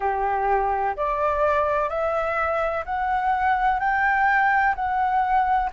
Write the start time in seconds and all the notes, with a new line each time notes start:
0.00 G4
0.96 D5
1.89 E5
2.85 F#5
3.79 G5
4.75 F#5